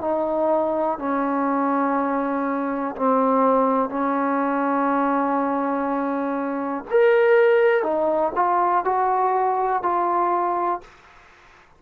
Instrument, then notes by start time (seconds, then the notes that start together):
trombone
0.00 D#4
0.98 C#4
2.96 C4
3.89 C#4
6.90 A#4
7.83 D#4
8.35 F4
8.84 F#4
9.82 F4